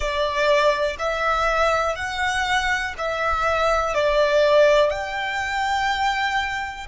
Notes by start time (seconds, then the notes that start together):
0.00 D5
0.98 E5
1.95 F#5
2.98 E5
3.94 D5
4.90 G5